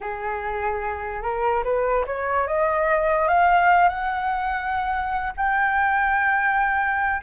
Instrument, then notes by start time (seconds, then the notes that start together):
flute
0.01 G#4
1.22 A#4
1.64 B4
2.06 C#5
2.47 D#5
3.27 F5
3.89 F#5
5.36 G5